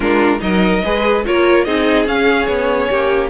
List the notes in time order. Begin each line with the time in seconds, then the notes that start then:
0.00 G#3 D4 F4 A#4
0.39 F#3 D#4 A#4 D#5
0.84 G#3 G#4 B4
1.25 A#3 F4 A#4 C#5
1.64 C4 D#4 G#4 D#5
2.06 C#4 F5
2.46 B3 C#5
2.89 A#3 G4